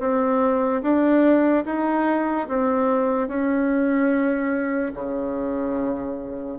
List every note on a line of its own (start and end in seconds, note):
0.00 0.82 C4
0.83 1.65 D4
1.66 2.48 D#4
2.49 3.28 C4
3.28 4.92 C#4
4.94 6.59 C#3